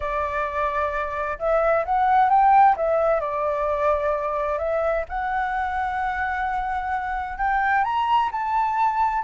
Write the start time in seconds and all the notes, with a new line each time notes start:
0.00 D5
1.38 E5
1.85 F#5
2.29 G5
2.76 E5
3.20 D5
4.58 E5
5.09 F#5
7.38 G5
7.83 A#5
8.31 A5